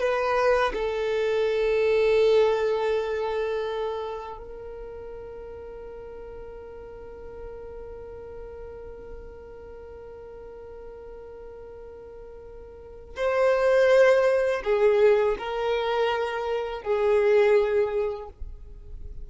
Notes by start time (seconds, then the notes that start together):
0.00 B4
0.74 A4
4.38 A#4
13.16 C5
14.64 G#4
15.39 A#4
16.83 G#4